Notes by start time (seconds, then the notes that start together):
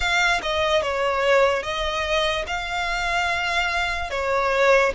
0.00 F5
0.42 D#5
0.81 C#5
1.63 D#5
2.46 F5
4.10 C#5